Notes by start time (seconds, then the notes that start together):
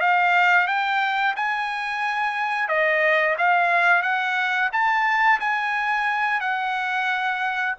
0.00 F5
0.67 G5
1.35 G#5
2.68 D#5
3.38 F5
4.02 F#5
4.72 A5
5.40 G#5
6.40 F#5